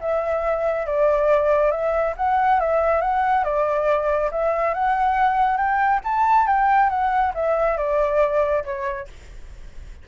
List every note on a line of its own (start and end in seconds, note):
0.00 0.86 E5
0.86 1.71 D5
1.71 2.14 E5
2.16 2.60 F#5
2.60 3.01 E5
3.01 3.44 F#5
3.44 4.30 D5
4.31 4.74 E5
4.74 5.57 F#5
5.57 6.00 G5
6.04 6.46 A5
6.46 6.89 G5
6.89 7.32 F#5
7.34 7.77 E5
7.77 8.63 D5
8.64 9.07 C#5